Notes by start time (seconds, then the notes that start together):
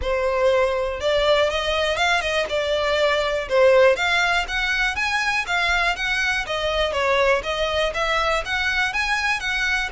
0.01 C5
1.00 D5
1.50 D#5
1.96 F5
2.21 D#5
2.49 D5
3.48 C5
3.96 F5
4.47 F#5
4.95 G#5
5.46 F5
5.96 F#5
6.46 D#5
6.92 C#5
7.43 D#5
7.94 E5
8.45 F#5
8.93 G#5
9.40 F#5